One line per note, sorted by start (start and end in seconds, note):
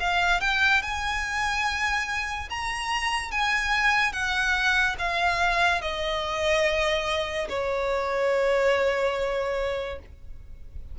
0.00 0.41 F5
0.41 0.82 G5
0.82 2.49 G#5
2.50 3.31 A#5
3.31 4.12 G#5
4.12 4.96 F#5
4.98 5.81 F5
5.81 7.48 D#5
7.49 9.99 C#5